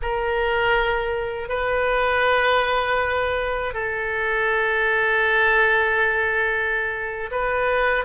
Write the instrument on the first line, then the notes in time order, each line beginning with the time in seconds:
oboe
0.01 A#4
1.48 B4
3.73 A4
7.31 B4